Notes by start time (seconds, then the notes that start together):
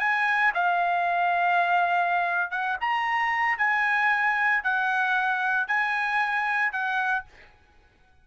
0.00 G#5
0.54 F5
2.51 F#5
2.81 A#5
3.58 G#5
4.63 F#5
5.67 G#5
6.72 F#5